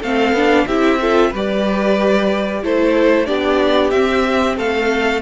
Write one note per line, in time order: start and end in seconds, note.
0.00 0.33 A3
0.00 0.37 C4
0.00 0.65 A4
0.00 0.68 F5
0.33 0.65 B3
0.33 0.68 D4
0.67 1.33 C4
0.67 1.01 E4
0.67 1.00 G4
0.67 1.33 E5
1.01 1.34 F4
1.01 1.31 A4
1.31 2.64 G3
1.31 2.64 G4
1.31 2.61 B4
1.31 2.65 D5
2.64 3.29 A3
2.64 3.27 E4
2.64 3.28 A4
2.64 3.26 C5
3.26 3.92 B3
3.26 3.92 D4
3.26 4.57 G4
3.26 3.91 D5
3.91 4.57 C4
3.91 5.22 C4
3.91 4.56 E5
4.57 5.22 A3
4.57 5.22 A4
4.57 5.22 F5